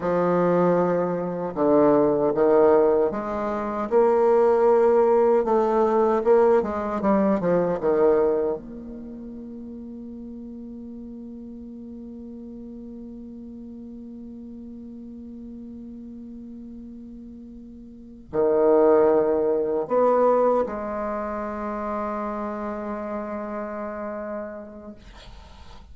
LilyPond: \new Staff \with { instrumentName = "bassoon" } { \time 4/4 \tempo 4 = 77 f2 d4 dis4 | gis4 ais2 a4 | ais8 gis8 g8 f8 dis4 ais4~ | ais1~ |
ais1~ | ais2.~ ais8 dis8~ | dis4. b4 gis4.~ | gis1 | }